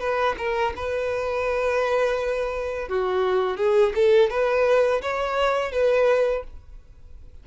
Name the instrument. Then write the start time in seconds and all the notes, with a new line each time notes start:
violin
0.00 B4
0.38 A#4
0.76 B4
2.89 F#4
3.57 G#4
3.95 A4
4.31 B4
5.02 C#5
5.72 B4